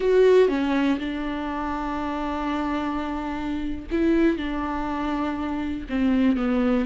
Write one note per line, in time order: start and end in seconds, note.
0.00 0.48 F#4
0.48 0.98 C#4
0.98 3.86 D4
3.91 4.37 E4
4.37 5.87 D4
5.89 6.37 C4
6.37 6.85 B3